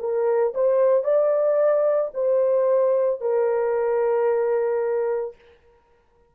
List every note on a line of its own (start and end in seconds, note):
0.00 0.54 A#4
0.55 1.04 C5
1.04 2.11 D5
2.14 3.21 C5
3.21 5.35 A#4